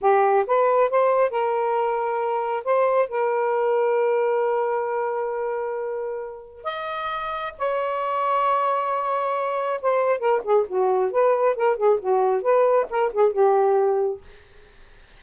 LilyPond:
\new Staff \with { instrumentName = "saxophone" } { \time 4/4 \tempo 4 = 135 g'4 b'4 c''4 ais'4~ | ais'2 c''4 ais'4~ | ais'1~ | ais'2. dis''4~ |
dis''4 cis''2.~ | cis''2 c''4 ais'8 gis'8 | fis'4 b'4 ais'8 gis'8 fis'4 | b'4 ais'8 gis'8 g'2 | }